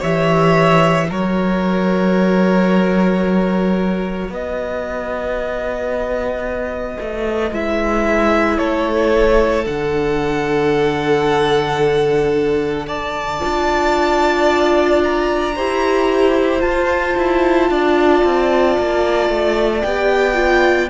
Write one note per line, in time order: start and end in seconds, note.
0.00 1.10 E3
0.00 1.11 G4
0.00 1.07 C#5
0.00 1.10 E5
1.10 4.29 F#3
1.10 7.53 F#4
1.10 4.31 A#4
1.10 4.33 C#5
4.29 6.97 B3
4.29 8.59 B4
4.29 7.54 D#5
7.01 7.52 A3
7.52 8.59 G#3
7.52 9.65 E4
7.52 8.58 E5
8.58 9.67 A3
8.58 12.87 A4
8.58 9.65 C#5
9.65 13.42 D3
9.65 13.40 D4
9.65 12.88 F#5
12.87 15.55 D5
12.87 15.03 A5
13.40 15.59 D4
13.40 15.54 F4
15.04 16.61 A#5
15.56 16.63 E4
15.56 16.60 G4
15.56 17.70 C5
16.60 19.81 F4
16.60 17.17 F4
16.60 19.82 A5
17.17 17.70 E4
17.70 18.23 D4
17.70 20.90 D5
18.25 18.78 C4
18.79 19.29 A#3
19.29 19.83 A3
19.82 20.90 B3
19.82 20.35 G4
19.82 20.89 G5
20.35 20.88 F4